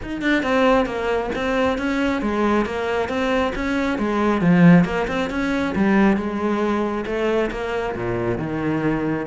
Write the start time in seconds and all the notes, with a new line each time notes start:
0.02 D#4
0.21 D4
0.42 C4
0.86 A#3
1.35 C4
1.78 C#4
2.21 G#3
2.65 A#3
3.08 C4
3.55 C#4
3.98 G#3
4.41 F3
4.84 A#3
5.07 C4
5.30 C#4
5.75 G3
6.16 G#3
7.06 A3
7.51 A#3
7.95 A#2
8.38 D#3